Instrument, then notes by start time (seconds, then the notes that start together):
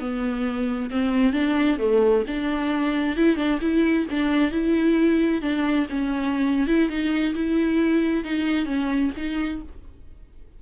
viola
0.00 B3
0.91 C4
1.33 D4
1.78 A3
2.27 D4
3.16 E4
3.36 D4
3.61 E4
4.11 D4
4.51 E4
5.42 D4
5.90 C#4
6.67 E4
6.89 D#4
7.34 E4
8.24 D#4
8.66 C#4
9.17 D#4